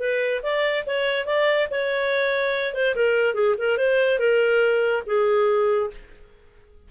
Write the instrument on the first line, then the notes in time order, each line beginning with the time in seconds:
clarinet
0.00 B4
0.43 D5
0.87 C#5
1.26 D5
1.71 C#5
2.75 C5
2.96 A#4
3.35 G#4
3.59 A#4
3.78 C5
4.19 A#4
5.07 G#4